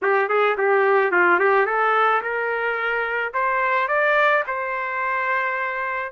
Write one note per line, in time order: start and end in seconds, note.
0.02 0.28 G4
0.28 0.56 G#4
0.57 1.11 G4
1.11 1.39 F4
1.39 1.66 G4
1.66 2.21 A4
2.21 3.33 A#4
3.33 3.88 C5
3.88 4.43 D5
4.47 6.12 C5